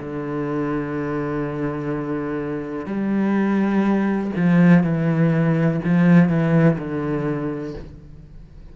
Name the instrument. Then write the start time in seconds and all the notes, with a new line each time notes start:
cello
0.00 D3
2.86 G3
4.36 F3
4.83 E3
5.84 F3
6.29 E3
6.78 D3